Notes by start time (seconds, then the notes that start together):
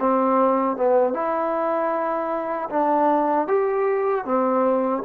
0.00 C4
0.77 B3
1.13 E4
2.70 D4
3.48 G4
4.25 C4